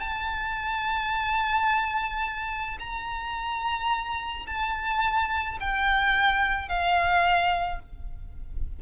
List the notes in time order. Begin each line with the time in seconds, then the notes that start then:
0.00 A5
2.79 A#5
4.47 A5
5.60 G5
6.68 F5